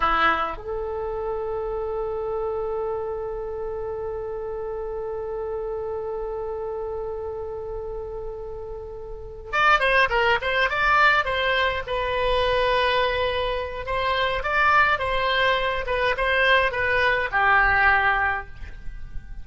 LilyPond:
\new Staff \with { instrumentName = "oboe" } { \time 4/4 \tempo 4 = 104 e'4 a'2.~ | a'1~ | a'1~ | a'1~ |
a'8 d''8 c''8 ais'8 c''8 d''4 c''8~ | c''8 b'2.~ b'8 | c''4 d''4 c''4. b'8 | c''4 b'4 g'2 | }